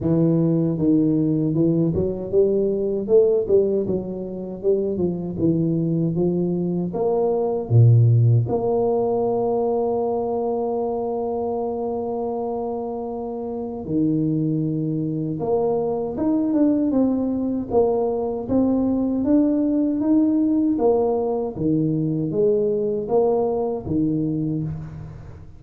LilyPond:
\new Staff \with { instrumentName = "tuba" } { \time 4/4 \tempo 4 = 78 e4 dis4 e8 fis8 g4 | a8 g8 fis4 g8 f8 e4 | f4 ais4 ais,4 ais4~ | ais1~ |
ais2 dis2 | ais4 dis'8 d'8 c'4 ais4 | c'4 d'4 dis'4 ais4 | dis4 gis4 ais4 dis4 | }